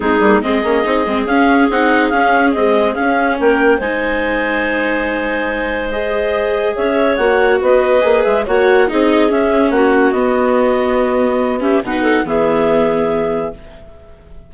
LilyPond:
<<
  \new Staff \with { instrumentName = "clarinet" } { \time 4/4 \tempo 4 = 142 gis'4 dis''2 f''4 | fis''4 f''4 dis''4 f''4 | g''4 gis''2.~ | gis''2 dis''2 |
e''4 fis''4 dis''4. e''8 | fis''4 dis''4 e''4 fis''4 | dis''2.~ dis''8 e''8 | fis''4 e''2. | }
  \new Staff \with { instrumentName = "clarinet" } { \time 4/4 dis'4 gis'2.~ | gis'1 | ais'4 c''2.~ | c''1 |
cis''2 b'2 | cis''4 gis'2 fis'4~ | fis'2.~ fis'8 g'8 | b'8 a'8 gis'2. | }
  \new Staff \with { instrumentName = "viola" } { \time 4/4 c'8 ais8 c'8 cis'8 dis'8 c'8 cis'4 | dis'4 cis'4 gis4 cis'4~ | cis'4 dis'2.~ | dis'2 gis'2~ |
gis'4 fis'2 gis'4 | fis'4 dis'4 cis'2 | b2.~ b8 cis'8 | dis'4 b2. | }
  \new Staff \with { instrumentName = "bassoon" } { \time 4/4 gis8 g8 gis8 ais8 c'8 gis8 cis'4 | c'4 cis'4 c'4 cis'4 | ais4 gis2.~ | gis1 |
cis'4 ais4 b4 ais8 gis8 | ais4 c'4 cis'4 ais4 | b1 | b,4 e2. | }
>>